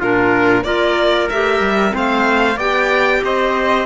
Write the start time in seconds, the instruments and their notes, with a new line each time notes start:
0.00 cello A#2, clarinet D4, trumpet F4, violin A#4
0.64 cello A#3, clarinet F4, trumpet A#4, violin D5
1.29 cello A3, clarinet G4, violin E5
1.60 cello G3
1.89 cello A3, clarinet C4, trumpet C5
1.97 violin F5
2.56 cello B3, clarinet G4, trumpet D5, violin G5
3.24 cello C4, trumpet C5, violin D#5